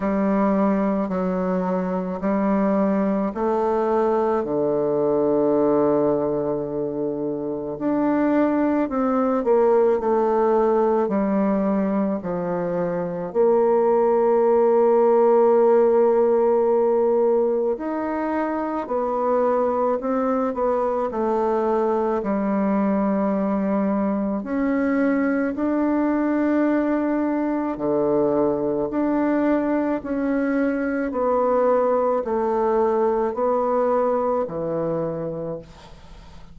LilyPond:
\new Staff \with { instrumentName = "bassoon" } { \time 4/4 \tempo 4 = 54 g4 fis4 g4 a4 | d2. d'4 | c'8 ais8 a4 g4 f4 | ais1 |
dis'4 b4 c'8 b8 a4 | g2 cis'4 d'4~ | d'4 d4 d'4 cis'4 | b4 a4 b4 e4 | }